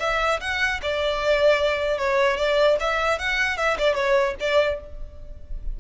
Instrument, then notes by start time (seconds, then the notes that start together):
violin
0.00 E5
0.40 F#5
0.82 D5
1.98 C#5
2.37 D5
2.80 E5
3.19 F#5
3.57 E5
3.79 D5
3.95 C#5
4.40 D5